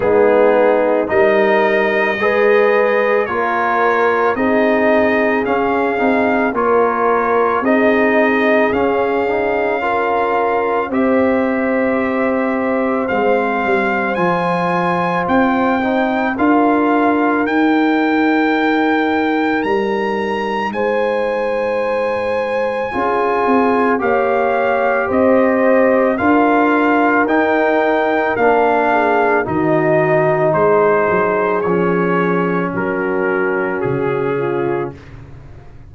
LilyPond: <<
  \new Staff \with { instrumentName = "trumpet" } { \time 4/4 \tempo 4 = 55 gis'4 dis''2 cis''4 | dis''4 f''4 cis''4 dis''4 | f''2 e''2 | f''4 gis''4 g''4 f''4 |
g''2 ais''4 gis''4~ | gis''2 f''4 dis''4 | f''4 g''4 f''4 dis''4 | c''4 cis''4 ais'4 gis'4 | }
  \new Staff \with { instrumentName = "horn" } { \time 4/4 dis'4 ais'4 b'4 ais'4 | gis'2 ais'4 gis'4~ | gis'4 ais'4 c''2~ | c''2. ais'4~ |
ais'2. c''4~ | c''4 gis'4 cis''4 c''4 | ais'2~ ais'8 gis'8 fis'4 | gis'2 fis'4. f'8 | }
  \new Staff \with { instrumentName = "trombone" } { \time 4/4 b4 dis'4 gis'4 f'4 | dis'4 cis'8 dis'8 f'4 dis'4 | cis'8 dis'8 f'4 g'2 | c'4 f'4. dis'8 f'4 |
dis'1~ | dis'4 f'4 g'2 | f'4 dis'4 d'4 dis'4~ | dis'4 cis'2. | }
  \new Staff \with { instrumentName = "tuba" } { \time 4/4 gis4 g4 gis4 ais4 | c'4 cis'8 c'8 ais4 c'4 | cis'2 c'2 | gis8 g8 f4 c'4 d'4 |
dis'2 g4 gis4~ | gis4 cis'8 c'8 ais4 c'4 | d'4 dis'4 ais4 dis4 | gis8 fis8 f4 fis4 cis4 | }
>>